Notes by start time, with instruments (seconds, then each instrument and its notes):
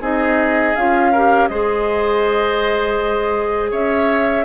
0.00 bassoon C4, clarinet D#4, oboe G#4, flute D#5
0.75 bassoon C#4, clarinet F4, flute F5
1.12 clarinet G4, oboe A#4
1.48 bassoon G#3, clarinet G#4, oboe C5, flute D#5
3.71 bassoon C#4, oboe C#5, flute E5